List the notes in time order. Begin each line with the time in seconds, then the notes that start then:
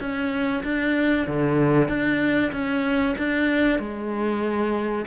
0.00 C#4
0.63 D4
1.27 D3
1.89 D4
2.52 C#4
3.18 D4
3.79 G#3